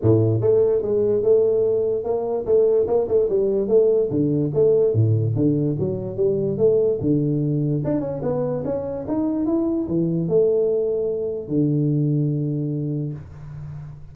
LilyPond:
\new Staff \with { instrumentName = "tuba" } { \time 4/4 \tempo 4 = 146 a,4 a4 gis4 a4~ | a4 ais4 a4 ais8 a8 | g4 a4 d4 a4 | a,4 d4 fis4 g4 |
a4 d2 d'8 cis'8 | b4 cis'4 dis'4 e'4 | e4 a2. | d1 | }